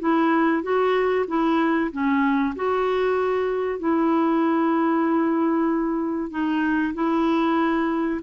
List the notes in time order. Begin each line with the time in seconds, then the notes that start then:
0.00 E4
0.63 F#4
1.28 E4
1.92 C#4
2.56 F#4
3.80 E4
6.31 D#4
6.94 E4